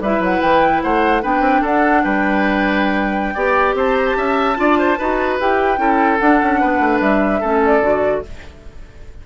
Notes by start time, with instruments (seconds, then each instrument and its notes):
0.00 bassoon G3, clarinet E4, oboe B4, flute E5
0.19 bassoon F#3, flute F#5
0.41 bassoon E3, flute G5
0.82 bassoon A3, oboe C5, flute F#5
1.22 bassoon B3, clarinet D4, oboe B4, flute G5
1.40 bassoon C4
1.61 bassoon D4, oboe A4, flute F#5
2.03 bassoon G3, oboe B4, flute G5
3.34 bassoon B3, clarinet G4, oboe D5
3.74 bassoon C4, oboe C5, flute A5
3.97 flute A#5
4.06 flute A5
4.16 bassoon C#4, oboe E5
4.55 bassoon D4, clarinet F4, oboe D5
4.79 oboe C5
4.98 bassoon D#4, clarinet F#4, oboe B4
5.39 bassoon E4, clarinet G4, flute G5
5.76 bassoon C#4, clarinet E4, oboe A4
6.18 bassoon D4, clarinet D4, flute F#5
6.42 bassoon C#4
6.60 bassoon B3, oboe B4
6.80 bassoon A3
7.00 bassoon G3, flute E5
7.40 bassoon A3, clarinet C#4, oboe A4
7.65 flute D5
7.80 bassoon D3, clarinet F#4